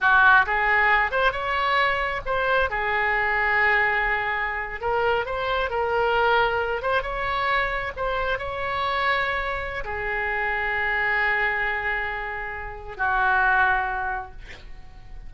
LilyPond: \new Staff \with { instrumentName = "oboe" } { \time 4/4 \tempo 4 = 134 fis'4 gis'4. c''8 cis''4~ | cis''4 c''4 gis'2~ | gis'2~ gis'8. ais'4 c''16~ | c''8. ais'2~ ais'8 c''8 cis''16~ |
cis''4.~ cis''16 c''4 cis''4~ cis''16~ | cis''2 gis'2~ | gis'1~ | gis'4 fis'2. | }